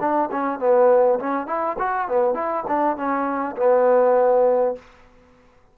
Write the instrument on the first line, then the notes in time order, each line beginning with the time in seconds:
trombone
0.00 D4
0.32 C#4
0.60 B3
1.20 C#4
1.47 E4
1.79 F#4
2.08 B3
2.34 E4
2.67 D4
2.96 C#4
3.57 B3